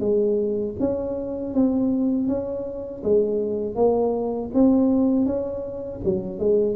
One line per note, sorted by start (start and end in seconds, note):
0.00 0.75 G#3
0.80 1.54 C#4
1.54 2.28 C4
2.28 3.03 C#4
3.03 3.75 G#3
3.75 4.50 A#3
4.54 5.26 C4
5.26 6.01 C#4
6.04 6.39 F#3
6.39 6.76 G#3